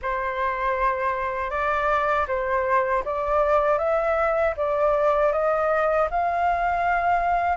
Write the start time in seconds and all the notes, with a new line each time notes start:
0.02 C5
1.50 D5
2.28 C5
3.04 D5
3.78 E5
4.56 D5
5.32 D#5
6.10 F5